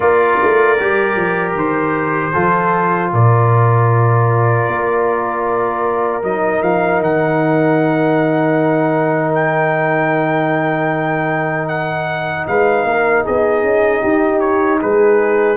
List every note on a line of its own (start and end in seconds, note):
0.00 0.39 A#3
0.00 0.77 F4
0.00 2.32 A#4
0.00 1.53 D5
0.42 0.80 A3
0.79 1.16 G3
0.79 2.32 G4
1.16 1.54 F3
1.54 2.32 D#3
1.54 3.13 C5
2.32 3.12 F3
2.32 6.22 F4
2.32 3.10 A4
3.12 4.67 A#2
3.12 12.47 A#4
3.12 6.23 D5
4.67 6.22 A#3
6.22 6.61 F#3
6.22 15.56 D#4
6.22 6.62 D#5
6.62 7.00 F3
6.62 7.01 F5
7.00 12.45 D#3
7.00 9.34 F#5
9.34 11.68 G5
11.68 12.46 F#5
12.47 12.84 G#3
12.47 12.86 B4
12.47 13.25 F5
12.84 13.23 A#3
12.84 13.24 A#4
13.24 13.62 B3
13.24 14.01 G#4
13.24 14.39 D#5
13.62 14.01 C#4
14.01 14.81 D#4
14.01 14.79 G4
14.39 14.78 C#5
14.80 15.56 G#3
14.80 15.56 G#4
14.80 15.56 B4